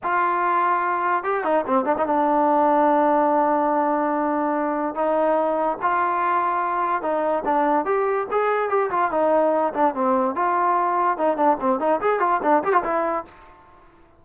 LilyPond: \new Staff \with { instrumentName = "trombone" } { \time 4/4 \tempo 4 = 145 f'2. g'8 dis'8 | c'8 d'16 dis'16 d'2.~ | d'1 | dis'2 f'2~ |
f'4 dis'4 d'4 g'4 | gis'4 g'8 f'8 dis'4. d'8 | c'4 f'2 dis'8 d'8 | c'8 dis'8 gis'8 f'8 d'8 g'16 f'16 e'4 | }